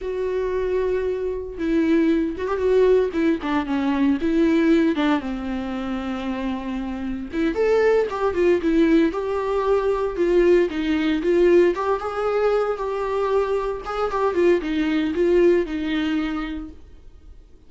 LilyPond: \new Staff \with { instrumentName = "viola" } { \time 4/4 \tempo 4 = 115 fis'2. e'4~ | e'8 fis'16 g'16 fis'4 e'8 d'8 cis'4 | e'4. d'8 c'2~ | c'2 e'8 a'4 g'8 |
f'8 e'4 g'2 f'8~ | f'8 dis'4 f'4 g'8 gis'4~ | gis'8 g'2 gis'8 g'8 f'8 | dis'4 f'4 dis'2 | }